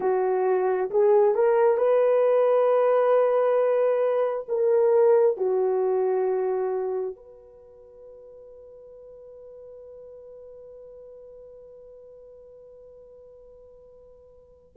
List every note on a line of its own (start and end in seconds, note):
0.00 0.90 F#4
0.90 1.34 G#4
1.34 1.77 A#4
1.77 4.45 B4
4.48 5.37 A#4
5.37 7.16 F#4
7.16 14.76 B4